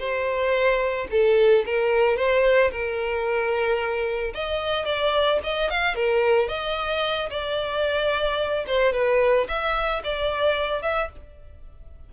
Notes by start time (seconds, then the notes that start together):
0.00 C5
1.11 A4
1.66 A#4
2.17 C5
2.72 A#4
4.34 D#5
4.86 D5
5.44 D#5
5.71 F5
5.95 A#4
6.49 D#5
7.30 D5
8.68 C5
8.93 B4
9.49 E5
10.04 D5
10.83 E5